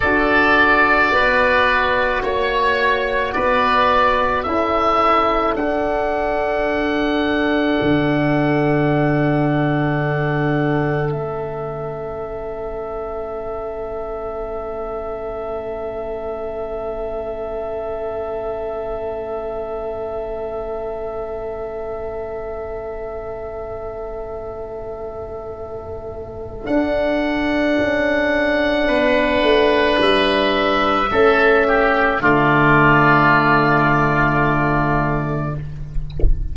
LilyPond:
<<
  \new Staff \with { instrumentName = "oboe" } { \time 4/4 \tempo 4 = 54 d''2 cis''4 d''4 | e''4 fis''2.~ | fis''2 e''2~ | e''1~ |
e''1~ | e''1 | fis''2. e''4~ | e''4 d''2. | }
  \new Staff \with { instrumentName = "oboe" } { \time 4/4 a'4 b'4 cis''4 b'4 | a'1~ | a'1~ | a'1~ |
a'1~ | a'1~ | a'2 b'2 | a'8 g'8 f'2. | }
  \new Staff \with { instrumentName = "horn" } { \time 4/4 fis'1 | e'4 d'2.~ | d'2 cis'2~ | cis'1~ |
cis'1~ | cis'1 | d'1 | cis'4 a2. | }
  \new Staff \with { instrumentName = "tuba" } { \time 4/4 d'4 b4 ais4 b4 | cis'4 d'2 d4~ | d2 a2~ | a1~ |
a1~ | a1 | d'4 cis'4 b8 a8 g4 | a4 d2. | }
>>